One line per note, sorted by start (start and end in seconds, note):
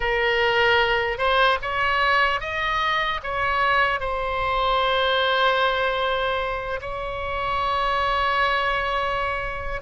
0.00 1.17 A#4
1.17 1.57 C5
1.61 2.40 C#5
2.40 3.20 D#5
3.23 4.00 C#5
4.00 6.80 C5
6.81 9.81 C#5